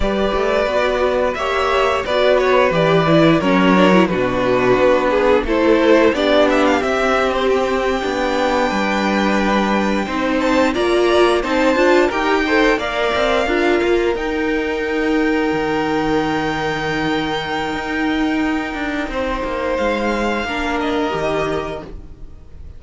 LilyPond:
<<
  \new Staff \with { instrumentName = "violin" } { \time 4/4 \tempo 4 = 88 d''2 e''4 d''8 cis''8 | d''4 cis''4 b'2 | c''4 d''8 e''16 f''16 e''8. c''16 g''4~ | g''2.~ g''16 a''8 ais''16~ |
ais''8. a''4 g''4 f''4~ f''16~ | f''8. g''2.~ g''16~ | g''1~ | g''4 f''4. dis''4. | }
  \new Staff \with { instrumentName = "violin" } { \time 4/4 b'2 cis''4 b'4~ | b'4 ais'4 fis'4. gis'8 | a'4 g'2.~ | g'8. b'2 c''4 d''16~ |
d''8. c''4 ais'8 c''8 d''4 ais'16~ | ais'1~ | ais'1 | c''2 ais'2 | }
  \new Staff \with { instrumentName = "viola" } { \time 4/4 g'4 fis'4 g'4 fis'4 | g'8 e'8 cis'8 d'16 e'16 d'2 | e'4 d'4 c'4.~ c'16 d'16~ | d'2~ d'8. dis'4 f'16~ |
f'8. dis'8 f'8 g'8 a'8 ais'4 f'16~ | f'8. dis'2.~ dis'16~ | dis'1~ | dis'2 d'4 g'4 | }
  \new Staff \with { instrumentName = "cello" } { \time 4/4 g8 a8 b4 ais4 b4 | e4 fis4 b,4 b4 | a4 b4 c'4.~ c'16 b16~ | b8. g2 c'4 ais16~ |
ais8. c'8 d'8 dis'4 ais8 c'8 d'16~ | d'16 ais8 dis'2 dis4~ dis16~ | dis2 dis'4. d'8 | c'8 ais8 gis4 ais4 dis4 | }
>>